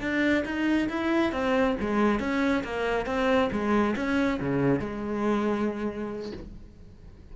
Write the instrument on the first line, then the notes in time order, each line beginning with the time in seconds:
cello
0.00 D4
0.45 D#4
0.89 E4
1.32 C4
1.80 G#3
2.19 C#4
2.64 A#3
3.06 C4
3.52 G#3
3.96 C#4
4.40 C#3
4.79 G#3